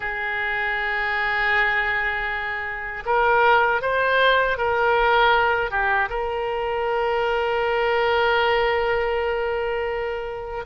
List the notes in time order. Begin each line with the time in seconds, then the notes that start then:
0.00 G#4
3.06 A#4
3.81 C5
4.57 A#4
5.71 G4
6.09 A#4